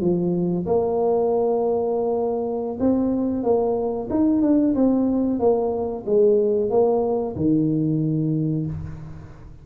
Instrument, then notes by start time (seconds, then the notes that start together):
tuba
0.00 F3
0.66 A#3
2.79 C4
3.43 A#3
4.10 D#4
4.41 D4
4.75 C4
5.39 A#3
6.05 G#3
6.70 A#3
7.35 D#3